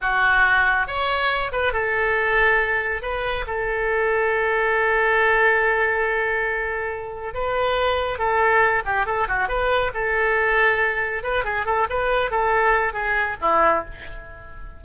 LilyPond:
\new Staff \with { instrumentName = "oboe" } { \time 4/4 \tempo 4 = 139 fis'2 cis''4. b'8 | a'2. b'4 | a'1~ | a'1~ |
a'4 b'2 a'4~ | a'8 g'8 a'8 fis'8 b'4 a'4~ | a'2 b'8 gis'8 a'8 b'8~ | b'8 a'4. gis'4 e'4 | }